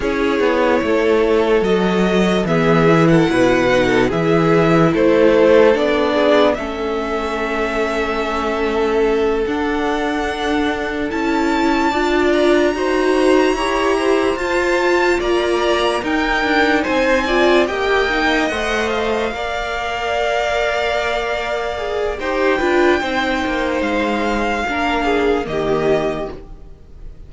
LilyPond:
<<
  \new Staff \with { instrumentName = "violin" } { \time 4/4 \tempo 4 = 73 cis''2 dis''4 e''8. fis''16~ | fis''4 e''4 c''4 d''4 | e''2.~ e''8 fis''8~ | fis''4. a''4. ais''4~ |
ais''4. a''4 ais''4 g''8~ | g''8 gis''4 g''4 fis''8 f''4~ | f''2. g''4~ | g''4 f''2 dis''4 | }
  \new Staff \with { instrumentName = "violin" } { \time 4/4 gis'4 a'2 gis'8. a'16 | b'8. a'16 gis'4 a'4. gis'8 | a'1~ | a'2~ a'8 d''4 c''8~ |
c''8 cis''8 c''4. d''4 ais'8~ | ais'8 c''8 d''8 dis''2 d''8~ | d''2. c''8 b'8 | c''2 ais'8 gis'8 g'4 | }
  \new Staff \with { instrumentName = "viola" } { \time 4/4 e'2 fis'4 b8 e'8~ | e'8 dis'8 e'2 d'4 | cis'2.~ cis'8 d'8~ | d'4. e'4 f'4 fis'8~ |
fis'8 g'4 f'2 dis'8~ | dis'4 f'8 g'8 dis'8 c''4 ais'8~ | ais'2~ ais'8 gis'8 g'8 f'8 | dis'2 d'4 ais4 | }
  \new Staff \with { instrumentName = "cello" } { \time 4/4 cis'8 b8 a4 fis4 e4 | b,4 e4 a4 b4 | a2.~ a8 d'8~ | d'4. cis'4 d'4 dis'8~ |
dis'8 e'4 f'4 ais4 dis'8 | d'8 c'4 ais4 a4 ais8~ | ais2. dis'8 d'8 | c'8 ais8 gis4 ais4 dis4 | }
>>